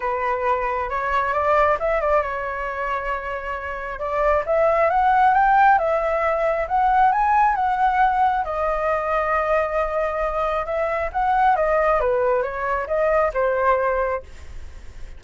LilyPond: \new Staff \with { instrumentName = "flute" } { \time 4/4 \tempo 4 = 135 b'2 cis''4 d''4 | e''8 d''8 cis''2.~ | cis''4 d''4 e''4 fis''4 | g''4 e''2 fis''4 |
gis''4 fis''2 dis''4~ | dis''1 | e''4 fis''4 dis''4 b'4 | cis''4 dis''4 c''2 | }